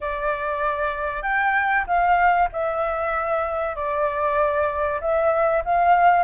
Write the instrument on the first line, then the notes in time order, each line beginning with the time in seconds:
flute
0.00 D5
1.22 G5
1.86 F5
2.52 E5
3.75 D5
5.00 E5
5.64 F5